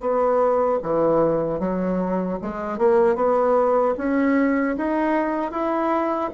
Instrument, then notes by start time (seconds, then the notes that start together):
bassoon
0.00 B3
0.83 E3
1.59 F#3
2.42 G#3
2.78 A#3
3.15 B3
3.97 C#4
4.77 D#4
5.51 E4